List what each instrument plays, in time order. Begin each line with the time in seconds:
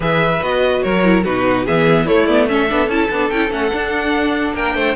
0.00 cello E3, viola G#4, violin B4 E5
0.42 cello B3, viola F#4, violin D#5
0.82 cello F#3, violin A#4 C#5
1.03 viola E4
1.24 cello B2, viola D#4, violin F#4 B4
1.64 cello E3, viola B3, violin G#4 E5
2.05 viola A3, cello A3, violin E4 C#5
2.25 viola B3, violin D5
2.48 viola C#4, violin A4 E5
2.67 cello B3, viola D4
2.87 cello C#4, viola E4, violin A5
3.10 cello B3, viola D4
3.30 cello C#4, viola E4, violin G5
3.49 cello A3, viola C#4, violin F#5
3.72 viola D4, cello D4
4.53 cello A#3, violin A#4 G5
4.74 cello A3, violin C5